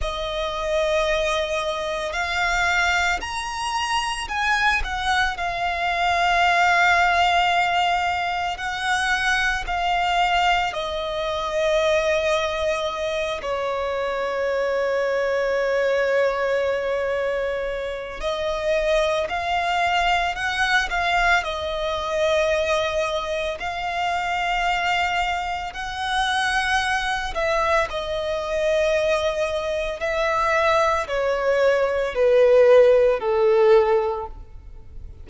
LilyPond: \new Staff \with { instrumentName = "violin" } { \time 4/4 \tempo 4 = 56 dis''2 f''4 ais''4 | gis''8 fis''8 f''2. | fis''4 f''4 dis''2~ | dis''8 cis''2.~ cis''8~ |
cis''4 dis''4 f''4 fis''8 f''8 | dis''2 f''2 | fis''4. e''8 dis''2 | e''4 cis''4 b'4 a'4 | }